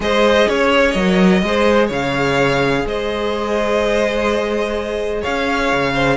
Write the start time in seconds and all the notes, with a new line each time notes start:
0.00 G#3 G#4 C5 D#5
0.47 C#4 C#5
0.91 F#3 A#4 D#5
1.42 G#3 G#4 C5
1.87 C#3 C#5 F5
2.85 G#3 C5 D#5
5.21 C#4 C#5 F5
5.72 C#3
5.93 C5